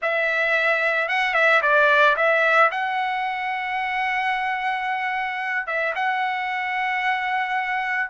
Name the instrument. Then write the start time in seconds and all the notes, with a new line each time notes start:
trumpet
0.02 E5
1.08 F#5
1.34 E5
1.61 D5
2.16 E5
2.71 F#5
5.66 E5
5.95 F#5